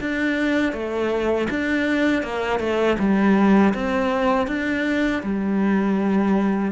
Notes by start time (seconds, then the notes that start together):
0.00 D4
0.73 A3
1.50 D4
2.22 A#3
2.59 A3
2.98 G3
3.74 C4
4.47 D4
5.22 G3